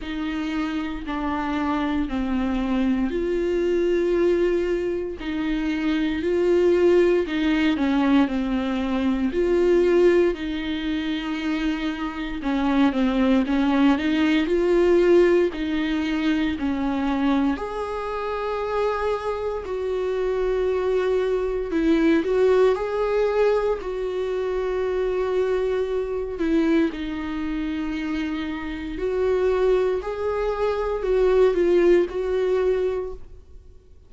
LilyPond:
\new Staff \with { instrumentName = "viola" } { \time 4/4 \tempo 4 = 58 dis'4 d'4 c'4 f'4~ | f'4 dis'4 f'4 dis'8 cis'8 | c'4 f'4 dis'2 | cis'8 c'8 cis'8 dis'8 f'4 dis'4 |
cis'4 gis'2 fis'4~ | fis'4 e'8 fis'8 gis'4 fis'4~ | fis'4. e'8 dis'2 | fis'4 gis'4 fis'8 f'8 fis'4 | }